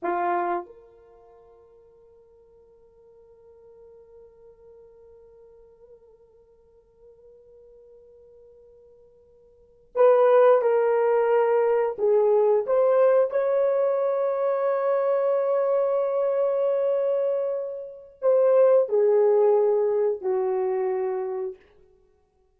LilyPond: \new Staff \with { instrumentName = "horn" } { \time 4/4 \tempo 4 = 89 f'4 ais'2.~ | ais'1~ | ais'1~ | ais'2~ ais'8. b'4 ais'16~ |
ais'4.~ ais'16 gis'4 c''4 cis''16~ | cis''1~ | cis''2. c''4 | gis'2 fis'2 | }